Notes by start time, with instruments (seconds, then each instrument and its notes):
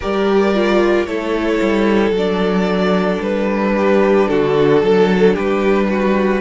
0.00 cello G3, viola G4, violin A#4 D5
0.54 viola F4
1.06 cello A3, viola E4, violin A4 C#5
1.61 cello G3
2.10 cello F#3
2.16 viola D4, violin D5
3.20 cello G3, violin B4
3.77 violin G4
4.28 cello D3, violin F#4 A4
4.82 cello F#3, violin A4
5.33 cello G3, violin G4 B4
5.89 violin F#4